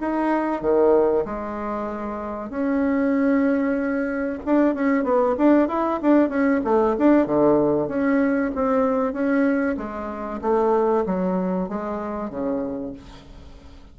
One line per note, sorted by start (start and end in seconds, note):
0.00 0.61 D#4
0.61 1.24 D#3
1.25 2.50 G#3
2.50 4.39 C#4
4.45 4.75 D4
4.75 5.04 C#4
5.04 5.35 B3
5.37 5.68 D4
5.68 6.00 E4
6.02 6.29 D4
6.29 6.61 C#4
6.64 6.96 A3
6.98 7.26 D4
7.26 7.88 D3
7.88 8.51 C#4
8.55 9.13 C4
9.13 9.76 C#4
9.77 10.40 G#3
10.42 11.05 A3
11.06 11.69 F#3
11.69 12.30 G#3
12.30 12.93 C#3